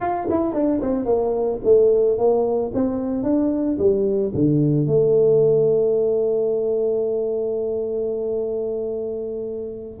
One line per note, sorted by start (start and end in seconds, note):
0.00 0.27 F4
0.30 0.53 E4
0.53 0.80 D4
0.81 1.05 C4
1.05 1.59 A#3
1.64 2.17 A3
2.17 2.72 A#3
2.73 3.23 C4
3.23 3.77 D4
3.78 4.32 G3
4.34 4.86 D3
4.86 10.00 A3